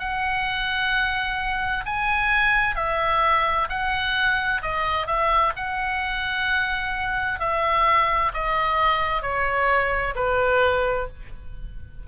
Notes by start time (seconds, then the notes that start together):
0.00 F#5
1.86 G#5
2.76 E5
3.70 F#5
4.62 D#5
5.07 E5
5.56 F#5
7.40 E5
8.34 D#5
9.22 C#5
10.16 B4